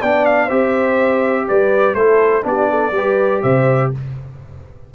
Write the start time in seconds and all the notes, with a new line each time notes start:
0.00 B3 D4 D5 G5
0.25 F5
0.45 C4 G4 C5 E5
1.47 G3 B4 D5
1.94 A3 E4 A4 C5
2.42 B3 D4 G4 D5
2.69 A4
2.91 G3 G4 B4
3.42 C3 C5 E5